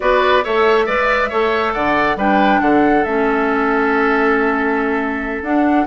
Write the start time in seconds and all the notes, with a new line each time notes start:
0.00 B3 F#4 B4 D5
0.43 A3 A4 C#5 E5
0.85 G#3 B4 D5
1.29 A3 A4 C#5
1.73 D3 D5 F#5
2.16 G3 D4 B4 G5
2.60 D3 A4 F#5
3.03 A3 C#4 E5
5.42 D4 F#5